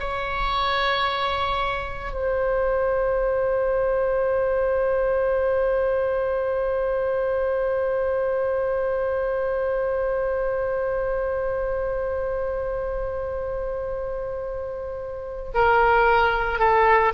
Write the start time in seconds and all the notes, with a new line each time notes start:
0.00 C#5
2.12 C5
15.55 A#4
16.59 A4